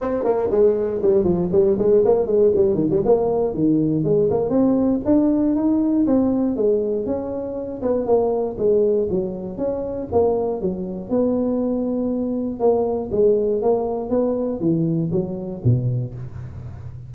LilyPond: \new Staff \with { instrumentName = "tuba" } { \time 4/4 \tempo 4 = 119 c'8 ais8 gis4 g8 f8 g8 gis8 | ais8 gis8 g8 dis16 g16 ais4 dis4 | gis8 ais8 c'4 d'4 dis'4 | c'4 gis4 cis'4. b8 |
ais4 gis4 fis4 cis'4 | ais4 fis4 b2~ | b4 ais4 gis4 ais4 | b4 e4 fis4 b,4 | }